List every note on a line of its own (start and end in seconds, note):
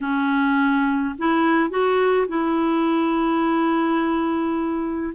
0.00 1.15 C#4
1.18 1.70 E4
1.70 2.27 F#4
2.28 5.13 E4